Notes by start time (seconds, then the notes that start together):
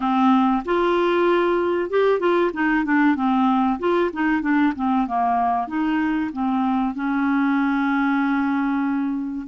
0.00 C4
0.65 F4
1.90 G4
2.19 F4
2.53 D#4
2.84 D4
3.15 C4
3.79 F4
4.12 D#4
4.41 D4
4.75 C4
5.07 A#3
5.67 D#4
6.32 C4
6.94 C#4